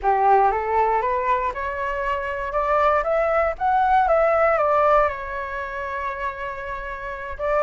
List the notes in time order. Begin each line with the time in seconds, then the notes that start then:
0.02 G4
0.51 A4
1.01 B4
1.53 C#5
2.52 D5
3.03 E5
3.58 F#5
4.07 E5
4.57 D5
5.08 C#5
7.38 D5